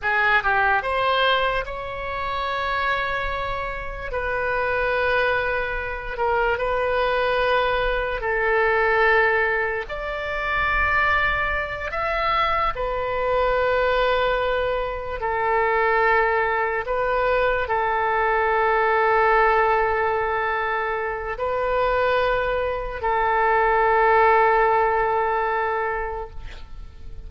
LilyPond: \new Staff \with { instrumentName = "oboe" } { \time 4/4 \tempo 4 = 73 gis'8 g'8 c''4 cis''2~ | cis''4 b'2~ b'8 ais'8 | b'2 a'2 | d''2~ d''8 e''4 b'8~ |
b'2~ b'8 a'4.~ | a'8 b'4 a'2~ a'8~ | a'2 b'2 | a'1 | }